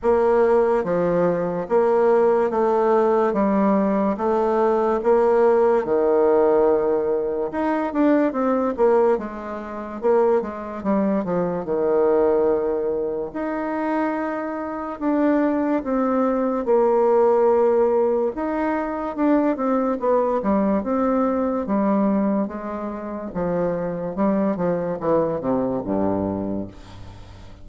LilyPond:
\new Staff \with { instrumentName = "bassoon" } { \time 4/4 \tempo 4 = 72 ais4 f4 ais4 a4 | g4 a4 ais4 dis4~ | dis4 dis'8 d'8 c'8 ais8 gis4 | ais8 gis8 g8 f8 dis2 |
dis'2 d'4 c'4 | ais2 dis'4 d'8 c'8 | b8 g8 c'4 g4 gis4 | f4 g8 f8 e8 c8 g,4 | }